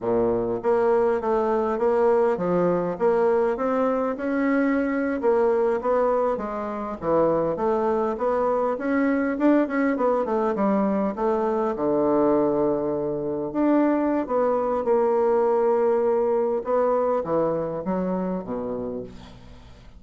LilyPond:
\new Staff \with { instrumentName = "bassoon" } { \time 4/4 \tempo 4 = 101 ais,4 ais4 a4 ais4 | f4 ais4 c'4 cis'4~ | cis'8. ais4 b4 gis4 e16~ | e8. a4 b4 cis'4 d'16~ |
d'16 cis'8 b8 a8 g4 a4 d16~ | d2~ d8. d'4~ d'16 | b4 ais2. | b4 e4 fis4 b,4 | }